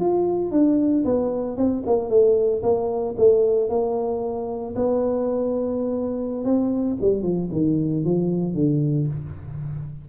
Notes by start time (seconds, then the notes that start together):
0.00 F4
0.52 D4
1.05 B3
1.57 C4
1.86 A#3
2.10 A3
2.63 A#3
3.17 A3
3.69 A#3
4.75 B3
6.44 C4
7.01 G3
7.23 F3
7.52 D#3
8.05 F3
8.54 D3